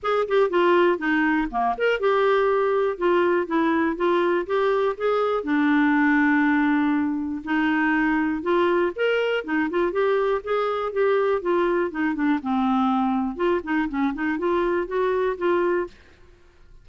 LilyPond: \new Staff \with { instrumentName = "clarinet" } { \time 4/4 \tempo 4 = 121 gis'8 g'8 f'4 dis'4 ais8 ais'8 | g'2 f'4 e'4 | f'4 g'4 gis'4 d'4~ | d'2. dis'4~ |
dis'4 f'4 ais'4 dis'8 f'8 | g'4 gis'4 g'4 f'4 | dis'8 d'8 c'2 f'8 dis'8 | cis'8 dis'8 f'4 fis'4 f'4 | }